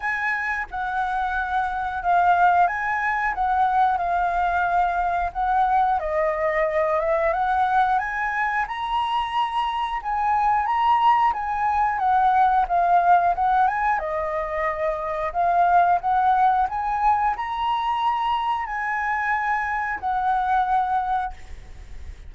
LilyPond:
\new Staff \with { instrumentName = "flute" } { \time 4/4 \tempo 4 = 90 gis''4 fis''2 f''4 | gis''4 fis''4 f''2 | fis''4 dis''4. e''8 fis''4 | gis''4 ais''2 gis''4 |
ais''4 gis''4 fis''4 f''4 | fis''8 gis''8 dis''2 f''4 | fis''4 gis''4 ais''2 | gis''2 fis''2 | }